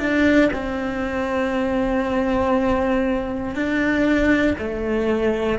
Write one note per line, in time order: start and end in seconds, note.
0.00 0.51 D4
0.54 3.55 C4
3.55 4.57 D4
4.59 5.60 A3